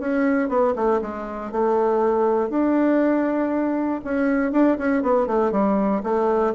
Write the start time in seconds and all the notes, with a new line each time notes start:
0.00 C#4
0.49 B3
0.76 A3
1.02 G#3
1.52 A3
2.50 D4
4.05 C#4
4.52 D4
4.78 C#4
5.03 B3
5.27 A3
5.52 G3
6.03 A3